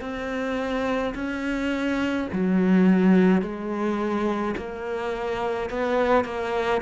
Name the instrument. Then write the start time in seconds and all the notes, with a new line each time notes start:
cello
0.00 C4
1.14 C#4
2.32 F#3
3.42 G#3
4.56 A#3
5.70 B3
6.24 A#3